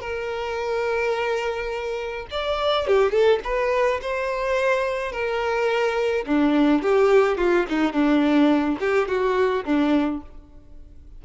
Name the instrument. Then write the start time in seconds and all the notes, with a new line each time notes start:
violin
0.00 A#4
2.31 D5
2.87 G4
3.11 A4
3.44 B4
4.02 C5
5.12 A#4
6.26 D4
6.82 G4
7.37 F4
7.69 D#4
7.92 D4
8.80 G4
9.07 F#4
9.64 D4